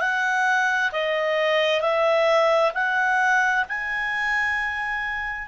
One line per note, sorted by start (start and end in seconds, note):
0.00 0.91 F#5
0.92 1.81 D#5
1.81 2.71 E5
2.74 3.65 F#5
3.68 5.48 G#5